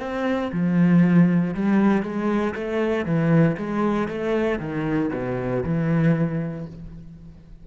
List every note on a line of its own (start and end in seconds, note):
0.00 0.51 C4
0.52 1.54 F3
1.54 2.03 G3
2.03 2.54 G#3
2.55 3.05 A3
3.05 3.57 E3
3.57 4.08 G#3
4.08 4.59 A3
4.59 5.10 D#3
5.13 5.63 B2
5.63 6.66 E3